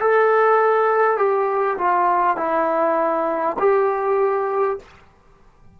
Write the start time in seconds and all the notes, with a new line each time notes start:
0.00 A4
1.17 G4
1.78 F4
2.37 E4
3.58 G4